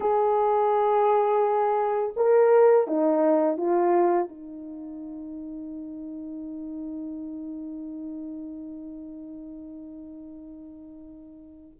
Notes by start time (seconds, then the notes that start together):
0.00 G#4
2.16 A#4
2.87 D#4
3.57 F4
4.28 D#4